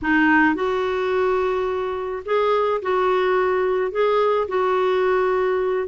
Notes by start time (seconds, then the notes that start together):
0.02 D#4
0.55 F#4
2.25 G#4
2.81 F#4
3.91 G#4
4.48 F#4